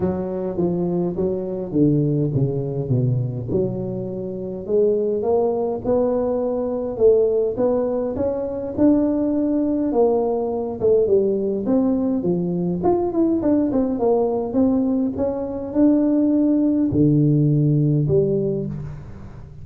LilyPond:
\new Staff \with { instrumentName = "tuba" } { \time 4/4 \tempo 4 = 103 fis4 f4 fis4 d4 | cis4 b,4 fis2 | gis4 ais4 b2 | a4 b4 cis'4 d'4~ |
d'4 ais4. a8 g4 | c'4 f4 f'8 e'8 d'8 c'8 | ais4 c'4 cis'4 d'4~ | d'4 d2 g4 | }